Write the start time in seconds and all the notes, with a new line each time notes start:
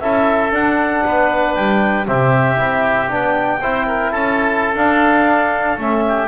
0.00 C#4 E4 A4 E5
0.52 D4 F#5
1.05 B3 B4
1.54 G3 G5
2.05 C3 C4 G4 E5
2.56 C4 E4
3.09 B3 D4 G5
3.61 C4 E4 C5
3.87 A#4
4.12 C#4 A4 A5
4.75 D4 F5
5.77 A3 C#4 E5
6.08 G4